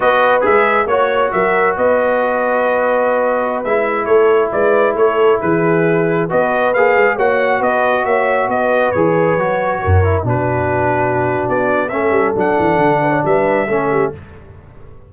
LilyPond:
<<
  \new Staff \with { instrumentName = "trumpet" } { \time 4/4 \tempo 4 = 136 dis''4 e''4 cis''4 e''4 | dis''1~ | dis''16 e''4 cis''4 d''4 cis''8.~ | cis''16 b'2 dis''4 f''8.~ |
f''16 fis''4 dis''4 e''4 dis''8.~ | dis''16 cis''2. b'8.~ | b'2 d''4 e''4 | fis''2 e''2 | }
  \new Staff \with { instrumentName = "horn" } { \time 4/4 b'2 cis''4 ais'4 | b'1~ | b'4~ b'16 a'4 b'4 a'8.~ | a'16 gis'2 b'4.~ b'16~ |
b'16 cis''4 b'4 cis''4 b'8.~ | b'2~ b'16 ais'4 fis'8.~ | fis'2. a'4~ | a'4. b'16 cis''16 b'4 a'8 g'8 | }
  \new Staff \with { instrumentName = "trombone" } { \time 4/4 fis'4 gis'4 fis'2~ | fis'1~ | fis'16 e'2.~ e'8.~ | e'2~ e'16 fis'4 gis'8.~ |
gis'16 fis'2.~ fis'8.~ | fis'16 gis'4 fis'4. e'8 d'8.~ | d'2. cis'4 | d'2. cis'4 | }
  \new Staff \with { instrumentName = "tuba" } { \time 4/4 b4 gis4 ais4 fis4 | b1~ | b16 gis4 a4 gis4 a8.~ | a16 e2 b4 ais8 gis16~ |
gis16 ais4 b4 ais4 b8.~ | b16 e4 fis4 fis,4 b,8.~ | b,2 b4 a8 g8 | fis8 e8 d4 g4 a4 | }
>>